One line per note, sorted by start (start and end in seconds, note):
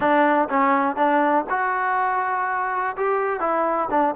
0.00 0.48 D4
0.49 0.95 C#4
0.95 1.44 D4
1.49 2.96 F#4
2.96 3.39 G4
3.39 3.88 E4
3.90 4.14 D4